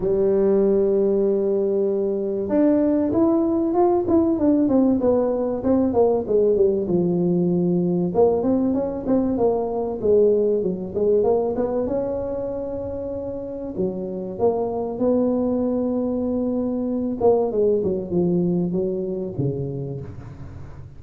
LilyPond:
\new Staff \with { instrumentName = "tuba" } { \time 4/4 \tempo 4 = 96 g1 | d'4 e'4 f'8 e'8 d'8 c'8 | b4 c'8 ais8 gis8 g8 f4~ | f4 ais8 c'8 cis'8 c'8 ais4 |
gis4 fis8 gis8 ais8 b8 cis'4~ | cis'2 fis4 ais4 | b2.~ b8 ais8 | gis8 fis8 f4 fis4 cis4 | }